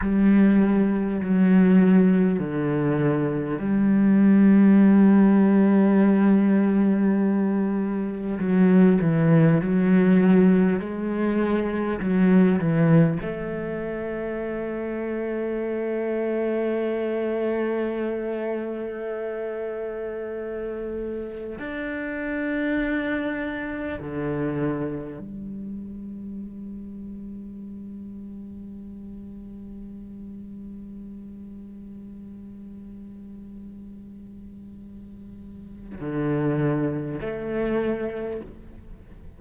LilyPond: \new Staff \with { instrumentName = "cello" } { \time 4/4 \tempo 4 = 50 g4 fis4 d4 g4~ | g2. fis8 e8 | fis4 gis4 fis8 e8 a4~ | a1~ |
a2 d'2 | d4 g2.~ | g1~ | g2 d4 a4 | }